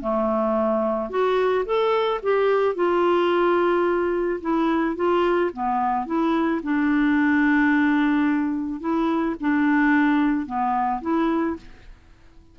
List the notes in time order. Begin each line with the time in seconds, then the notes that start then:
0.00 A3
1.10 F#4
1.65 A4
2.22 G4
2.74 F4
4.41 E4
4.96 F4
5.52 B3
6.06 E4
6.63 D4
8.80 E4
9.40 D4
10.46 B3
11.01 E4